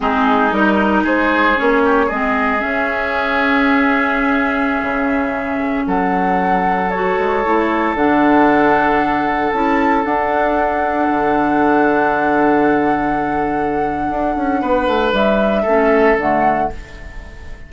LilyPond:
<<
  \new Staff \with { instrumentName = "flute" } { \time 4/4 \tempo 4 = 115 gis'4 ais'4 c''4 cis''4 | dis''4 e''2.~ | e''2.~ e''16 fis''8.~ | fis''4~ fis''16 cis''2 fis''8.~ |
fis''2~ fis''16 a''4 fis''8.~ | fis''1~ | fis''1~ | fis''4 e''2 fis''4 | }
  \new Staff \with { instrumentName = "oboe" } { \time 4/4 dis'2 gis'4. g'8 | gis'1~ | gis'2.~ gis'16 a'8.~ | a'1~ |
a'1~ | a'1~ | a'1 | b'2 a'2 | }
  \new Staff \with { instrumentName = "clarinet" } { \time 4/4 c'4 dis'2 cis'4 | c'4 cis'2.~ | cis'1~ | cis'4~ cis'16 fis'4 e'4 d'8.~ |
d'2~ d'16 e'4 d'8.~ | d'1~ | d'1~ | d'2 cis'4 a4 | }
  \new Staff \with { instrumentName = "bassoon" } { \time 4/4 gis4 g4 gis4 ais4 | gis4 cis'2.~ | cis'4~ cis'16 cis2 fis8.~ | fis4.~ fis16 gis8 a4 d8.~ |
d2~ d16 cis'4 d'8.~ | d'4~ d'16 d2~ d8.~ | d2. d'8 cis'8 | b8 a8 g4 a4 d4 | }
>>